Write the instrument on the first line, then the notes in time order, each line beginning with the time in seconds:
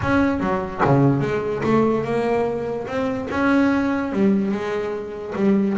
double bass
0.01 C#4
0.40 F#3
0.84 C#3
1.20 G#3
1.63 A3
2.04 A#3
2.87 C4
3.30 C#4
4.12 G3
4.51 G#3
5.35 G3